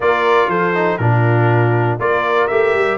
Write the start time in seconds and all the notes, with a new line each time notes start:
0.00 A#3 F4 A#4 D5
0.47 F3 A4 C5
0.74 D#4
0.97 A#2 D4 F4 A#4
1.99 A#3 F4 A#4 D5
2.47 A3 G4 E5
2.74 G3